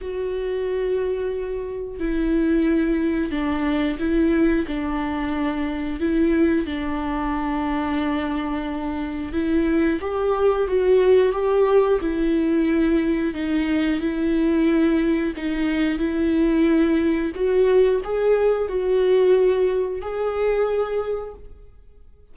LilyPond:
\new Staff \with { instrumentName = "viola" } { \time 4/4 \tempo 4 = 90 fis'2. e'4~ | e'4 d'4 e'4 d'4~ | d'4 e'4 d'2~ | d'2 e'4 g'4 |
fis'4 g'4 e'2 | dis'4 e'2 dis'4 | e'2 fis'4 gis'4 | fis'2 gis'2 | }